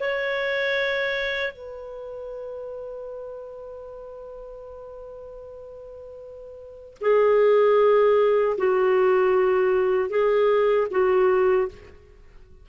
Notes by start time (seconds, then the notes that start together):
0.00 C#5
1.53 B4
7.01 G#4
8.58 F#4
10.10 G#4
10.91 F#4